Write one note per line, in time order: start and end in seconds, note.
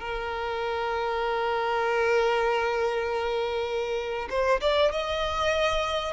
0.00 4.29 A#4
4.30 4.60 C5
4.61 4.91 D5
4.92 6.13 D#5